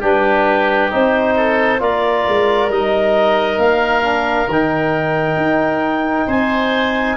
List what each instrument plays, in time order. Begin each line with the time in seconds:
0.00 tuba G3, trombone D4, oboe G4, clarinet B4
0.90 tuba C4, trombone D#4, clarinet C5
1.36 oboe A4
1.79 tuba A#3, trombone F4, oboe A#4, clarinet D5
2.28 tuba G#3
2.69 tuba G3, trombone D#4, clarinet D#5
3.58 tuba A#3, clarinet F5
4.03 trombone D4
4.48 tuba D#3, trombone D#4, clarinet G5
5.36 tuba D#4
6.27 tuba C4, oboe C5, clarinet G#5